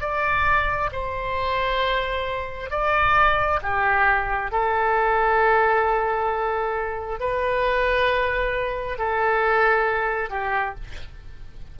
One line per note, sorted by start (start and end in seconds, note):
0.00 0.90 D5
0.92 2.70 C5
2.70 3.60 D5
3.62 4.51 G4
4.51 7.20 A4
7.20 8.98 B4
8.98 10.30 A4
10.30 10.75 G4